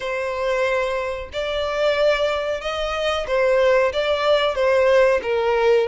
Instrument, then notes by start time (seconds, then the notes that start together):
violin
0.00 C5
1.32 D5
2.61 D#5
3.27 C5
3.92 D5
4.55 C5
5.22 A#4